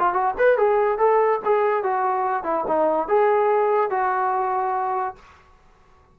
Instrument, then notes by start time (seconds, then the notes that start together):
trombone
0.00 F4
0.14 F#4
0.39 B4
0.58 G#4
0.99 A4
1.45 G#4
1.84 F#4
2.44 E4
2.68 D#4
3.09 G#4
3.91 F#4